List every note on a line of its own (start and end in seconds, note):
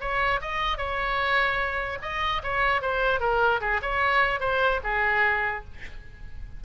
0.00 0.40 C#5
0.41 0.77 D#5
0.77 1.98 C#5
2.02 2.42 D#5
2.43 2.81 C#5
2.81 3.20 C5
3.20 3.60 A#4
3.60 3.81 G#4
3.82 4.40 C#5
4.40 4.80 C5
4.83 5.64 G#4